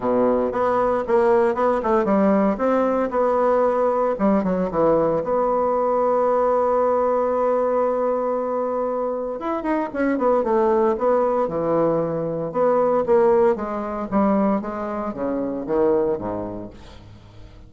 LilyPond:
\new Staff \with { instrumentName = "bassoon" } { \time 4/4 \tempo 4 = 115 b,4 b4 ais4 b8 a8 | g4 c'4 b2 | g8 fis8 e4 b2~ | b1~ |
b2 e'8 dis'8 cis'8 b8 | a4 b4 e2 | b4 ais4 gis4 g4 | gis4 cis4 dis4 gis,4 | }